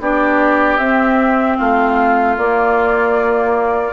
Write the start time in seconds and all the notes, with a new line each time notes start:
0.00 B3 D4 G4 D5
0.77 C4 E5
1.57 A3 F4 F5
2.37 A#3 D5